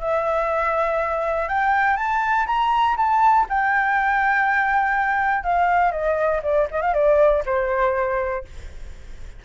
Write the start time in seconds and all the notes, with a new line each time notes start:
0.00 E5
1.48 G5
1.96 A5
2.46 A#5
2.96 A5
3.49 G5
5.43 F5
5.91 D#5
6.43 D5
6.71 D#5
6.81 F5
6.93 D5
7.46 C5